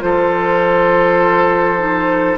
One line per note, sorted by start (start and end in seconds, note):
0.00 2.38 F3
0.00 1.76 F4
0.00 2.38 A4
0.00 2.38 C5
1.78 2.37 D#4